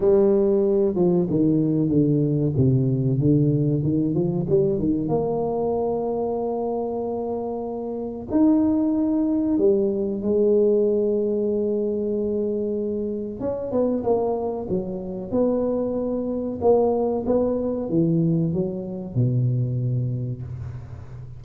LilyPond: \new Staff \with { instrumentName = "tuba" } { \time 4/4 \tempo 4 = 94 g4. f8 dis4 d4 | c4 d4 dis8 f8 g8 dis8 | ais1~ | ais4 dis'2 g4 |
gis1~ | gis4 cis'8 b8 ais4 fis4 | b2 ais4 b4 | e4 fis4 b,2 | }